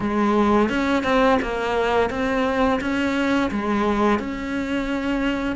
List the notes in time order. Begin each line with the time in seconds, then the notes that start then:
0.00 G#3
0.69 C#4
1.03 C4
1.42 A#3
2.10 C4
2.80 C#4
3.51 G#3
4.19 C#4